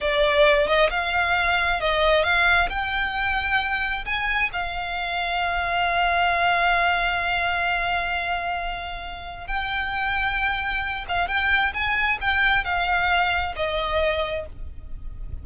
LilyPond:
\new Staff \with { instrumentName = "violin" } { \time 4/4 \tempo 4 = 133 d''4. dis''8 f''2 | dis''4 f''4 g''2~ | g''4 gis''4 f''2~ | f''1~ |
f''1~ | f''4 g''2.~ | g''8 f''8 g''4 gis''4 g''4 | f''2 dis''2 | }